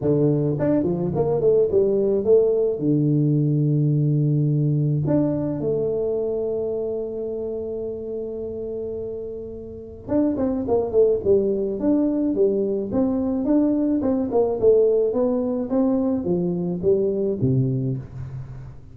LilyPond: \new Staff \with { instrumentName = "tuba" } { \time 4/4 \tempo 4 = 107 d4 d'8 f8 ais8 a8 g4 | a4 d2.~ | d4 d'4 a2~ | a1~ |
a2 d'8 c'8 ais8 a8 | g4 d'4 g4 c'4 | d'4 c'8 ais8 a4 b4 | c'4 f4 g4 c4 | }